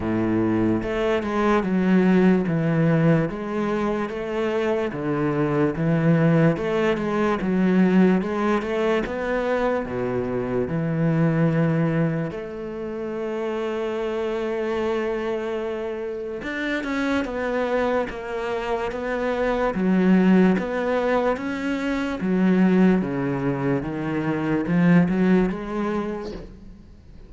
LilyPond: \new Staff \with { instrumentName = "cello" } { \time 4/4 \tempo 4 = 73 a,4 a8 gis8 fis4 e4 | gis4 a4 d4 e4 | a8 gis8 fis4 gis8 a8 b4 | b,4 e2 a4~ |
a1 | d'8 cis'8 b4 ais4 b4 | fis4 b4 cis'4 fis4 | cis4 dis4 f8 fis8 gis4 | }